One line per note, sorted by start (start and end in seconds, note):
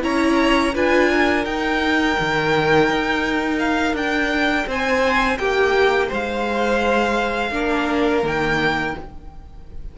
0.00 0.75 C#4
0.00 0.71 E4
0.00 0.74 C#5
0.00 0.74 A#5
0.74 1.45 D4
0.74 1.45 F4
0.74 1.10 B4
0.74 1.45 G#5
1.10 4.67 A#4
1.45 2.16 D#4
1.45 7.52 D#4
1.45 3.59 G5
2.19 2.90 D#3
2.90 3.93 D#4
3.59 3.95 F5
3.93 4.64 D4
3.93 4.68 G5
4.67 5.38 C4
4.67 5.38 C5
4.67 5.38 G#5
5.38 6.10 A#3
5.38 6.07 G4
5.38 6.09 G5
6.07 7.51 G#3
6.07 7.50 C5
6.13 8.26 F5
7.51 8.22 A#3
7.51 8.23 D4
7.51 8.96 A#4
8.23 8.94 D#3
8.23 8.95 A#3
8.23 8.98 G5